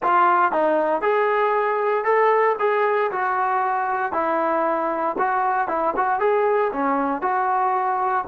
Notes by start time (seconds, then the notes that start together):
0.02 F4
0.51 D#4
1.01 G#4
2.04 A4
2.59 G#4
3.11 F#4
4.12 E4
5.18 F#4
5.68 E4
5.96 F#4
6.19 G#4
6.72 C#4
7.21 F#4